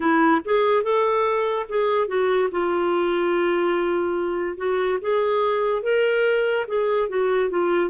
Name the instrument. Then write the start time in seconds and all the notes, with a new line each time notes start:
clarinet
0.00 E4
0.44 G#4
0.83 A4
1.68 G#4
2.07 F#4
2.51 F4
4.57 F#4
5.01 G#4
5.82 A#4
6.67 G#4
7.08 F#4
7.50 F4